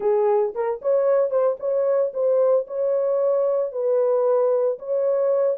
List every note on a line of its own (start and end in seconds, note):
0.00 0.53 G#4
0.54 0.81 A#4
0.81 1.30 C#5
1.30 1.56 C5
1.59 2.12 C#5
2.13 2.66 C5
2.67 3.72 C#5
3.72 4.78 B4
4.79 5.57 C#5